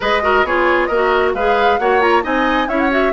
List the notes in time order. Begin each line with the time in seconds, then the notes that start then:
0.00 G#3 G#4 B4 D#5
0.22 F#4 A#4
0.43 B3 F4 G#4 C#5
0.85 A#3 A#4 D#5
0.93 F#4
1.34 G#3 G#4 B4 F5
1.78 A#3 F#4 C#5 F#5
2.00 F4 A#5
2.22 C4 D#4 D#5 G#5
2.67 C#4 E4 C#5 E5
2.79 F#5
2.89 F#4 E5